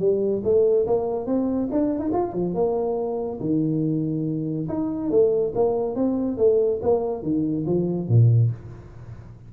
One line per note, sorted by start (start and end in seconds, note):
0.00 0.43 G3
0.44 0.87 A3
0.87 1.27 A#3
1.27 1.69 C4
1.72 2.00 D4
2.00 2.10 D#4
2.13 2.33 F4
2.33 2.55 F3
2.55 3.40 A#3
3.41 4.68 D#3
4.69 5.11 D#4
5.11 5.54 A3
5.56 5.96 A#3
5.96 6.38 C4
6.38 6.80 A3
6.83 7.23 A#3
7.23 7.66 D#3
7.67 8.09 F3
8.09 8.51 A#2